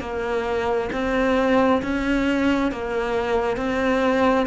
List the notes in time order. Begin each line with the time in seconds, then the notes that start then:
0.00 A#3
0.92 C4
1.82 C#4
2.72 A#3
3.56 C4